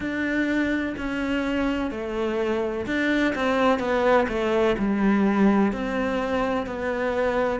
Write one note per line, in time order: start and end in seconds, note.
0.00 0.95 D4
0.97 1.90 C#4
1.90 2.86 A3
2.86 3.34 D4
3.35 3.79 C4
3.79 4.26 B3
4.28 4.76 A3
4.78 5.72 G3
5.72 6.66 C4
6.66 7.60 B3